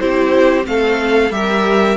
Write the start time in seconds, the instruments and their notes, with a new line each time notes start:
0.00 cello C4, viola E4, violin G4 C5
0.64 cello A3, viola C4, violin A4 F5
1.31 cello G3, viola G4, violin A#4 E5